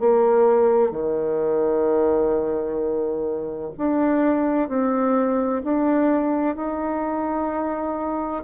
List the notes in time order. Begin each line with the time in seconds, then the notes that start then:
0.00 A#3
0.91 D#3
3.78 D4
4.69 C4
5.64 D4
6.56 D#4